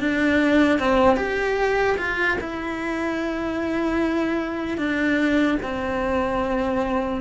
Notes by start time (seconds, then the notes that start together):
0.00 D4
0.79 C4
1.17 G4
1.98 F4
2.41 E4
4.78 D4
5.63 C4